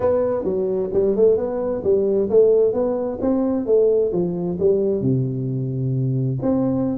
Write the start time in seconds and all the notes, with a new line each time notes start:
0.00 B3
0.44 F#3
0.93 G3
1.16 A3
1.37 B3
1.83 G3
2.29 A3
2.73 B3
3.21 C4
3.66 A3
4.12 F3
4.59 G3
5.01 C3
6.42 C4